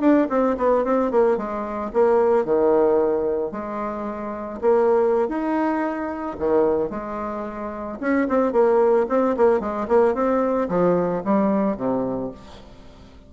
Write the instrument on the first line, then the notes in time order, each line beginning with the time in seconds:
bassoon
0.00 D4
0.29 C4
0.57 B3
0.84 C4
1.11 A#3
1.37 G#3
1.93 A#3
2.45 D#3
3.52 G#3
4.61 A#3
5.28 D#4
6.39 D#3
6.90 G#3
8.00 C#4
8.28 C4
8.52 A#3
9.09 C4
9.36 A#3
9.60 G#3
9.88 A#3
10.14 C4
10.69 F3
11.24 G3
11.77 C3